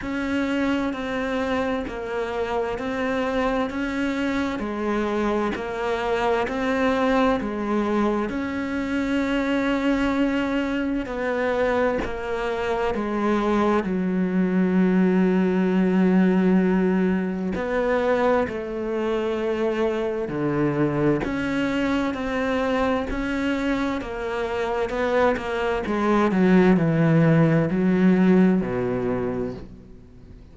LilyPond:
\new Staff \with { instrumentName = "cello" } { \time 4/4 \tempo 4 = 65 cis'4 c'4 ais4 c'4 | cis'4 gis4 ais4 c'4 | gis4 cis'2. | b4 ais4 gis4 fis4~ |
fis2. b4 | a2 d4 cis'4 | c'4 cis'4 ais4 b8 ais8 | gis8 fis8 e4 fis4 b,4 | }